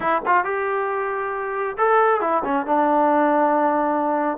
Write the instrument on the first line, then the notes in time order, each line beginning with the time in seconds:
trombone
0.00 E4
0.25 F4
0.44 G4
1.77 A4
2.20 E4
2.44 C#4
2.66 D4